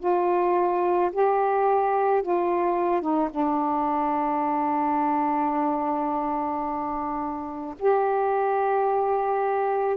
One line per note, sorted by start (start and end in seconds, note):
0.00 1.11 F4
1.13 2.23 G4
2.23 3.02 F4
3.02 3.30 D#4
3.31 7.75 D4
7.80 9.97 G4